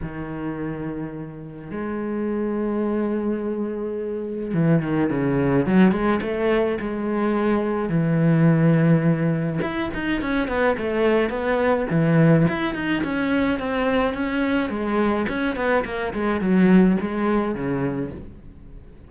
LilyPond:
\new Staff \with { instrumentName = "cello" } { \time 4/4 \tempo 4 = 106 dis2. gis4~ | gis1 | e8 dis8 cis4 fis8 gis8 a4 | gis2 e2~ |
e4 e'8 dis'8 cis'8 b8 a4 | b4 e4 e'8 dis'8 cis'4 | c'4 cis'4 gis4 cis'8 b8 | ais8 gis8 fis4 gis4 cis4 | }